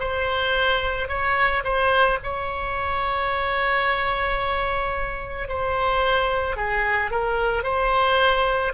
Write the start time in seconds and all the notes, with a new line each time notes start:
0.00 C5
1.09 C#5
1.65 C5
2.24 C#5
5.49 C5
6.57 G#4
7.11 A#4
7.64 C5